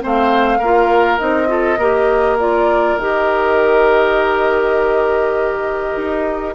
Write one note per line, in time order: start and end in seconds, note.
0.00 0.59 A3
0.00 0.59 C4
0.00 0.58 C5
0.06 1.18 F5
0.58 1.18 A#3
0.58 1.18 F4
0.58 1.47 A#4
1.18 1.78 C4
1.18 1.47 D#4
1.18 2.37 D#5
1.47 1.76 F4
1.47 1.79 A4
1.78 2.96 A#3
1.78 2.39 G4
1.78 6.54 A#4
2.39 2.98 F4
2.39 2.98 D5
2.97 5.94 D#3
2.97 6.54 G4
2.97 6.54 D#5
5.96 6.54 D#4